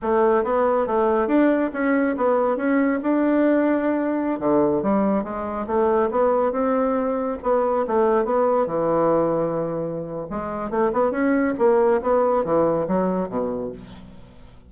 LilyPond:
\new Staff \with { instrumentName = "bassoon" } { \time 4/4 \tempo 4 = 140 a4 b4 a4 d'4 | cis'4 b4 cis'4 d'4~ | d'2~ d'16 d4 g8.~ | g16 gis4 a4 b4 c'8.~ |
c'4~ c'16 b4 a4 b8.~ | b16 e2.~ e8. | gis4 a8 b8 cis'4 ais4 | b4 e4 fis4 b,4 | }